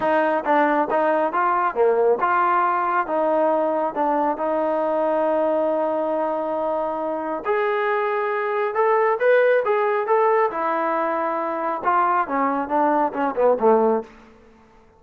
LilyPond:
\new Staff \with { instrumentName = "trombone" } { \time 4/4 \tempo 4 = 137 dis'4 d'4 dis'4 f'4 | ais4 f'2 dis'4~ | dis'4 d'4 dis'2~ | dis'1~ |
dis'4 gis'2. | a'4 b'4 gis'4 a'4 | e'2. f'4 | cis'4 d'4 cis'8 b8 a4 | }